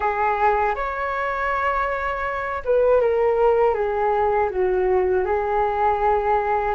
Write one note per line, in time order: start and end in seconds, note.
0.00 0.75 G#4
0.75 2.62 C#5
2.64 3.00 B4
3.00 3.74 A#4
3.74 4.49 G#4
4.50 5.25 F#4
5.25 6.75 G#4